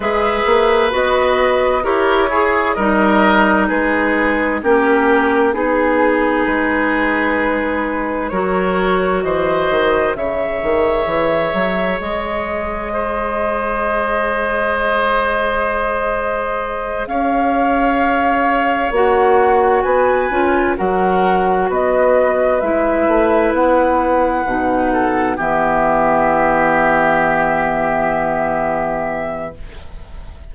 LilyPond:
<<
  \new Staff \with { instrumentName = "flute" } { \time 4/4 \tempo 4 = 65 e''4 dis''4 cis''4 dis''4 | b'4 ais'4 gis'4 b'4~ | b'4 cis''4 dis''4 e''4~ | e''4 dis''2.~ |
dis''2~ dis''8 f''4.~ | f''8 fis''4 gis''4 fis''4 dis''8~ | dis''8 e''4 fis''2 e''8~ | e''1 | }
  \new Staff \with { instrumentName = "oboe" } { \time 4/4 b'2 ais'8 gis'8 ais'4 | gis'4 g'4 gis'2~ | gis'4 ais'4 c''4 cis''4~ | cis''2 c''2~ |
c''2~ c''8 cis''4.~ | cis''4. b'4 ais'4 b'8~ | b'2. a'8 g'8~ | g'1 | }
  \new Staff \with { instrumentName = "clarinet" } { \time 4/4 gis'4 fis'4 g'8 gis'8 dis'4~ | dis'4 cis'4 dis'2~ | dis'4 fis'2 gis'4~ | gis'1~ |
gis'1~ | gis'8 fis'4. f'8 fis'4.~ | fis'8 e'2 dis'4 b8~ | b1 | }
  \new Staff \with { instrumentName = "bassoon" } { \time 4/4 gis8 ais8 b4 e'4 g4 | gis4 ais4 b4 gis4~ | gis4 fis4 e8 dis8 cis8 dis8 | e8 fis8 gis2.~ |
gis2~ gis8 cis'4.~ | cis'8 ais4 b8 cis'8 fis4 b8~ | b8 gis8 a8 b4 b,4 e8~ | e1 | }
>>